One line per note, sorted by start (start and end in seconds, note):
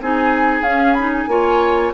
0.00 0.61 C4
0.00 0.64 D#4
0.00 1.29 G#4
0.00 0.63 G#5
0.61 1.25 C#4
0.61 0.97 C#4
0.61 0.93 F5
0.93 1.28 D#4
0.93 1.09 B5
1.12 1.92 G#5
1.27 1.92 A#3
1.27 1.93 F4
1.27 1.93 C#5